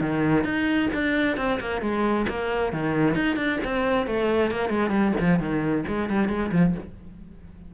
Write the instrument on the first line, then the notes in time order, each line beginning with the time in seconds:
cello
0.00 D#3
0.44 D#4
0.93 D4
1.37 C4
1.59 A#3
1.81 G#3
2.28 A#3
2.72 D#3
3.14 D#4
3.36 D4
3.64 C4
4.06 A3
4.51 A#3
4.69 G#3
4.90 G3
5.20 F3
5.39 D#3
5.87 G#3
6.09 G3
6.28 G#3
6.51 F3